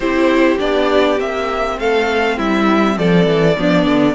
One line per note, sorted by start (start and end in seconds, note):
0.00 0.58 C4
0.00 0.58 E4
0.00 1.78 G4
0.00 0.58 C5
0.58 1.19 B3
0.58 1.17 D4
0.58 1.19 D5
1.17 1.78 A#3
1.17 3.55 C4
1.17 1.79 E5
1.79 2.38 A3
1.79 2.37 A4
1.79 2.38 F5
2.37 2.97 G3
2.37 2.97 E4
2.37 2.98 E5
2.97 3.25 F3
2.97 3.57 A4
2.97 4.14 D5
3.25 3.55 E3
3.56 3.85 F3
3.56 4.14 B3
3.56 4.14 D4
3.85 4.14 D3